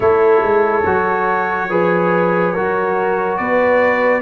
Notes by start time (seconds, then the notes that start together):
0.00 A3 E4 A4 C#5
0.42 G#3
0.85 F#3 F#4
1.69 F3 G#4 B4
2.53 F#3 F#4 A#4
3.37 B3 B4 D5